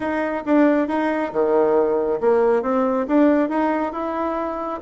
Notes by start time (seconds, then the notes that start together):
0.00 D#4
0.45 D4
0.88 D#4
1.32 D#3
2.20 A#3
2.62 C4
3.07 D4
3.49 D#4
3.92 E4